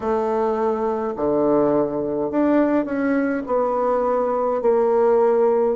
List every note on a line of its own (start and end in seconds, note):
0.00 1.13 A3
1.16 2.31 D3
2.31 2.85 D4
2.85 3.42 C#4
3.46 4.61 B3
4.61 5.76 A#3